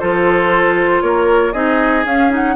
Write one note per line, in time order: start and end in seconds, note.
0.00 1.02 F3
0.00 1.54 F4
0.00 1.03 A4
0.00 1.02 C5
1.02 1.53 A#3
1.02 1.53 A#4
1.02 1.53 C#5
1.53 2.05 C4
1.53 2.05 D#4
1.53 2.56 G#4
1.53 2.04 D#5
2.05 2.56 C#4
2.05 2.30 C#4
2.05 2.32 F5
2.30 2.56 D#4
2.30 2.56 F#5